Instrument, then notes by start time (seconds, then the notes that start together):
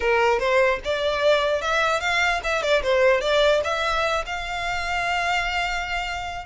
violin
0.00 A#4
0.39 C5
0.84 D5
1.61 E5
2.00 F5
2.43 E5
2.62 D5
2.82 C5
3.20 D5
3.64 E5
4.26 F5